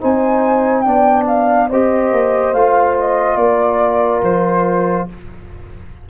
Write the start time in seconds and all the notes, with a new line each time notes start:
0.00 C4 D#4 C5 G#5
0.81 D4 D5 G5
0.87 B3
1.27 F5
1.69 C4 G4 C5 D#5
2.11 A#3
2.53 A3 F4 F5
2.99 D#5
3.36 A#3 A#4 D5
4.22 F3 C5